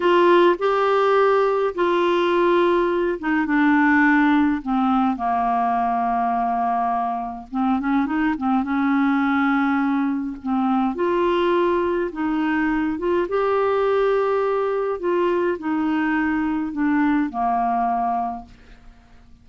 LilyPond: \new Staff \with { instrumentName = "clarinet" } { \time 4/4 \tempo 4 = 104 f'4 g'2 f'4~ | f'4. dis'8 d'2 | c'4 ais2.~ | ais4 c'8 cis'8 dis'8 c'8 cis'4~ |
cis'2 c'4 f'4~ | f'4 dis'4. f'8 g'4~ | g'2 f'4 dis'4~ | dis'4 d'4 ais2 | }